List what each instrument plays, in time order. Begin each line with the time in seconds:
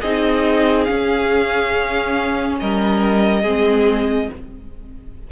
0.00 cello C4, viola D#4, violin G#4 D#5
0.84 viola C#4, cello C#4, violin F5
2.59 cello G3, violin A#4 D#5
3.41 cello G#3, viola C4, violin G#4